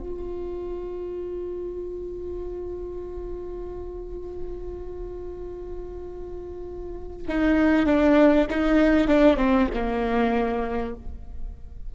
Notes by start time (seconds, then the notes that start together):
0.00 F4
7.28 D#4
7.86 D4
8.50 D#4
9.08 D4
9.37 C4
9.74 A#3